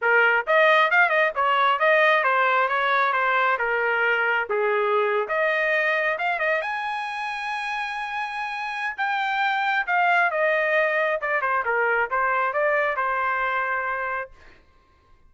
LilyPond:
\new Staff \with { instrumentName = "trumpet" } { \time 4/4 \tempo 4 = 134 ais'4 dis''4 f''8 dis''8 cis''4 | dis''4 c''4 cis''4 c''4 | ais'2 gis'4.~ gis'16 dis''16~ | dis''4.~ dis''16 f''8 dis''8 gis''4~ gis''16~ |
gis''1 | g''2 f''4 dis''4~ | dis''4 d''8 c''8 ais'4 c''4 | d''4 c''2. | }